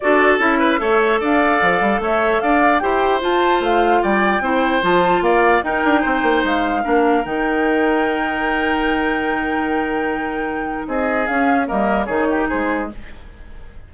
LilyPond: <<
  \new Staff \with { instrumentName = "flute" } { \time 4/4 \tempo 4 = 149 d''4 e''2 f''4~ | f''4 e''4 f''4 g''4 | a''4 f''4 g''2 | a''4 f''4 g''2 |
f''2 g''2~ | g''1~ | g''2. dis''4 | f''4 dis''4 cis''4 c''4 | }
  \new Staff \with { instrumentName = "oboe" } { \time 4/4 a'4. b'8 cis''4 d''4~ | d''4 cis''4 d''4 c''4~ | c''2 d''4 c''4~ | c''4 d''4 ais'4 c''4~ |
c''4 ais'2.~ | ais'1~ | ais'2. gis'4~ | gis'4 ais'4 gis'8 g'8 gis'4 | }
  \new Staff \with { instrumentName = "clarinet" } { \time 4/4 fis'4 e'4 a'2~ | a'2. g'4 | f'2. e'4 | f'2 dis'2~ |
dis'4 d'4 dis'2~ | dis'1~ | dis'1 | cis'4 ais4 dis'2 | }
  \new Staff \with { instrumentName = "bassoon" } { \time 4/4 d'4 cis'4 a4 d'4 | f8 g8 a4 d'4 e'4 | f'4 a4 g4 c'4 | f4 ais4 dis'8 d'8 c'8 ais8 |
gis4 ais4 dis2~ | dis1~ | dis2. c'4 | cis'4 g4 dis4 gis4 | }
>>